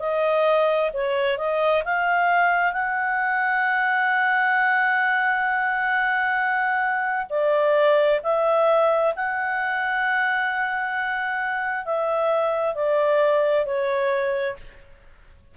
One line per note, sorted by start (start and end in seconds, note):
0.00 0.91 D#5
0.93 1.38 C#5
1.38 1.83 D#5
1.85 2.73 F5
2.73 7.27 F#5
7.30 8.21 D5
8.24 9.14 E5
9.16 11.86 F#5
11.86 12.75 E5
12.75 13.66 D5
13.66 14.57 C#5